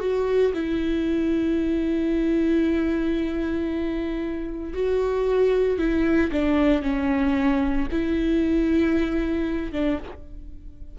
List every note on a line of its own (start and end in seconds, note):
0.00 0.53 F#4
0.54 4.74 E4
4.74 5.78 F#4
5.78 6.31 E4
6.32 6.82 D4
6.82 7.88 C#4
7.92 9.72 E4
9.72 9.99 D4